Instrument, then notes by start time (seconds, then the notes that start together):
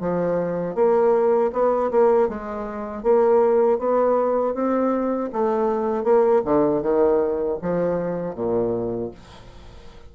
bassoon
0.00 F3
0.75 A#3
1.53 B3
1.91 A#3
2.29 G#3
3.03 A#3
3.78 B3
4.54 C4
5.32 A3
6.04 A#3
6.45 D3
6.82 D#3
7.62 F3
8.35 A#2